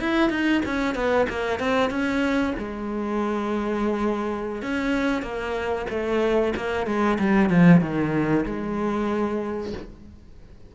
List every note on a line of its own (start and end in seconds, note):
0.00 0.30 E4
0.30 0.62 D#4
0.66 0.95 C#4
0.95 1.27 B3
1.29 1.60 A#3
1.60 1.90 C4
1.90 2.54 C#4
2.59 4.62 G#3
4.62 5.23 C#4
5.23 5.86 A#3
5.90 6.54 A3
6.56 6.86 A#3
6.86 7.18 G#3
7.19 7.50 G3
7.50 7.81 F3
7.81 8.45 D#3
8.45 9.73 G#3